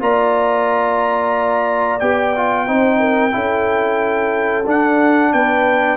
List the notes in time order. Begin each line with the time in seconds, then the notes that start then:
0.00 A#3 F4 D5 A#5
1.99 B3 G4 G5
2.36 F4
2.67 C4 D#4 C5
3.00 A#4
3.31 C#4 E4 A4
4.66 D4 F#5
5.32 B3 B4 G5